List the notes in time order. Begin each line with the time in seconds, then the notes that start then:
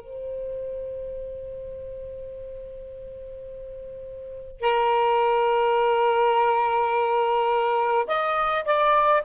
0.00 C5
4.60 A#4
8.07 D#5
8.64 D5